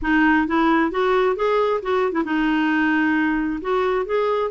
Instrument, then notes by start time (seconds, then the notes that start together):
clarinet
0.01 D#4
0.47 E4
0.91 F#4
1.35 G#4
1.82 F#4
2.12 E4
2.24 D#4
3.61 F#4
4.05 G#4